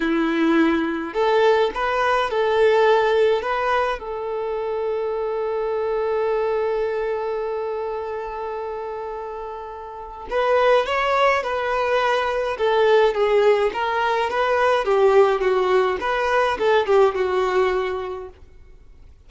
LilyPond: \new Staff \with { instrumentName = "violin" } { \time 4/4 \tempo 4 = 105 e'2 a'4 b'4 | a'2 b'4 a'4~ | a'1~ | a'1~ |
a'2 b'4 cis''4 | b'2 a'4 gis'4 | ais'4 b'4 g'4 fis'4 | b'4 a'8 g'8 fis'2 | }